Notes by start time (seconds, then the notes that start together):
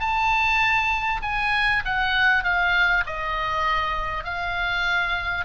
0.00 A5
1.23 G#5
1.85 F#5
2.44 F5
3.07 D#5
4.25 F5